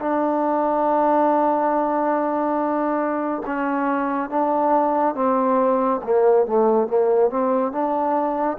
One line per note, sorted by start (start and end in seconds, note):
0.00 3.43 D4
3.47 4.30 C#4
4.30 5.15 D4
5.15 6.01 C4
6.04 6.47 A#3
6.47 6.88 A3
6.88 7.31 A#3
7.31 7.72 C4
7.72 8.58 D4